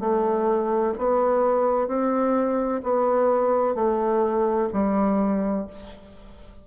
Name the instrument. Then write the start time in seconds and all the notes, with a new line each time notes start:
bassoon
0.00 A3
0.98 B3
1.88 C4
2.83 B3
3.75 A3
4.73 G3